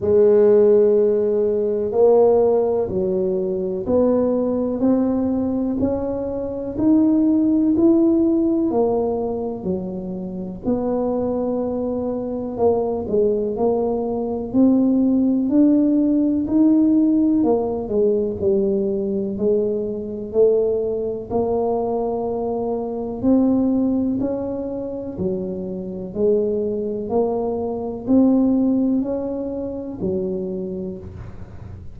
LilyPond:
\new Staff \with { instrumentName = "tuba" } { \time 4/4 \tempo 4 = 62 gis2 ais4 fis4 | b4 c'4 cis'4 dis'4 | e'4 ais4 fis4 b4~ | b4 ais8 gis8 ais4 c'4 |
d'4 dis'4 ais8 gis8 g4 | gis4 a4 ais2 | c'4 cis'4 fis4 gis4 | ais4 c'4 cis'4 fis4 | }